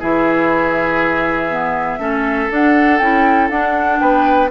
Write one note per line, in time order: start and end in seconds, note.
0.00 1.99 E3
0.00 1.50 E4
0.00 2.00 G#4
0.00 2.52 E5
1.50 1.99 B3
1.99 2.49 A3
1.99 2.49 C#4
1.99 4.00 A4
2.50 3.00 D4
2.50 3.01 D4
2.50 2.99 F#5
2.99 3.50 C#4
2.99 3.51 E4
2.99 3.49 G5
3.50 4.00 D4
3.50 4.51 D4
3.50 3.99 F#5
3.99 4.51 B3
3.99 4.51 B4
3.99 4.49 G5